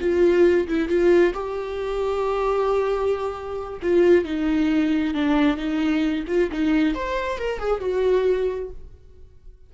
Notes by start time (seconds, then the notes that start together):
0.00 F4
0.68 E4
0.89 F4
1.34 G4
3.82 F4
4.24 D#4
5.14 D4
5.57 D#4
6.27 F4
6.52 D#4
6.94 C5
7.38 A#4
7.59 G#4
7.80 F#4